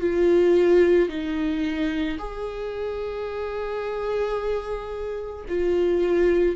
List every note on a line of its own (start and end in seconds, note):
0.00 1.09 F4
1.09 2.18 D#4
2.18 5.45 G#4
5.48 6.56 F4